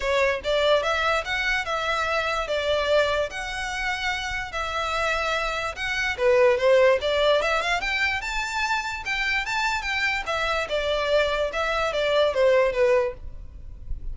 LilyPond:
\new Staff \with { instrumentName = "violin" } { \time 4/4 \tempo 4 = 146 cis''4 d''4 e''4 fis''4 | e''2 d''2 | fis''2. e''4~ | e''2 fis''4 b'4 |
c''4 d''4 e''8 f''8 g''4 | a''2 g''4 a''4 | g''4 e''4 d''2 | e''4 d''4 c''4 b'4 | }